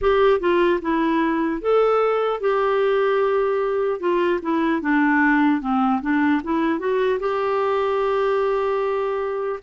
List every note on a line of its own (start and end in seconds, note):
0.01 0.40 G4
0.40 0.80 F4
0.81 1.61 E4
1.61 2.40 A4
2.40 4.00 G4
4.00 4.40 F4
4.42 4.81 E4
4.81 5.61 D4
5.61 6.01 C4
6.01 6.41 D4
6.43 6.79 E4
6.79 7.19 F#4
7.19 9.59 G4